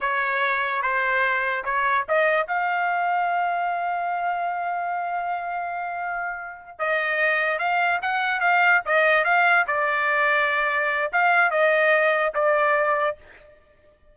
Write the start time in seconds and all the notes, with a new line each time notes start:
0.00 C#5
0.81 C5
1.64 C#5
2.08 D#5
2.47 F5
6.79 D#5
7.59 F5
8.02 F#5
8.40 F5
8.85 D#5
9.24 F5
9.67 D5
11.12 F5
11.51 D#5
12.34 D5